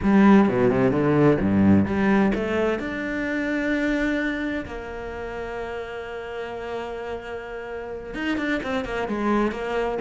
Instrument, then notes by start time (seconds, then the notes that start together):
cello
0.02 G3
0.48 B2
0.70 C3
0.91 D3
1.40 G2
1.85 G3
2.34 A3
2.79 D4
4.65 A#3
8.14 D#4
8.37 D4
8.63 C4
8.84 A#3
9.08 G#3
9.51 A#3